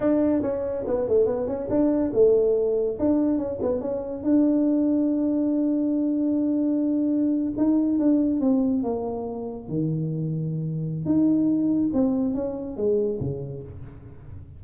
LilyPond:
\new Staff \with { instrumentName = "tuba" } { \time 4/4 \tempo 4 = 141 d'4 cis'4 b8 a8 b8 cis'8 | d'4 a2 d'4 | cis'8 b8 cis'4 d'2~ | d'1~ |
d'4.~ d'16 dis'4 d'4 c'16~ | c'8. ais2 dis4~ dis16~ | dis2 dis'2 | c'4 cis'4 gis4 cis4 | }